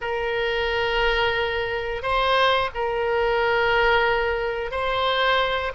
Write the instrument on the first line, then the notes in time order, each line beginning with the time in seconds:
oboe
0.01 A#4
2.02 C5
2.74 A#4
4.71 C5